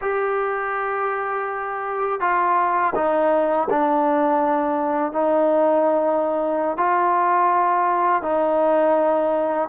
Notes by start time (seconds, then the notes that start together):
0.01 G4
2.20 F4
2.95 D#4
3.70 D4
5.12 D#4
6.77 F4
8.22 D#4